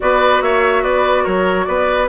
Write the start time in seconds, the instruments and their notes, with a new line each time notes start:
0.00 bassoon B3, clarinet F#4, oboe B4, flute D5
0.41 bassoon A#3, oboe C#5, flute E5
0.83 bassoon B3, oboe B4, flute D5
1.23 bassoon F#3, oboe A#4, flute C#5
1.64 bassoon B3, oboe B4, flute D5